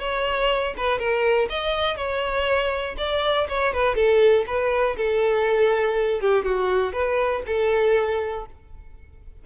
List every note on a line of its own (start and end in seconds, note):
0.00 0.74 C#5
0.78 0.99 B4
0.99 1.49 A#4
1.50 1.97 D#5
1.97 2.96 C#5
2.98 3.48 D5
3.49 3.73 C#5
3.73 3.96 B4
3.96 4.45 A4
4.47 4.97 B4
4.97 6.21 A4
6.21 6.45 G4
6.45 6.93 F#4
6.93 7.43 B4
7.47 8.46 A4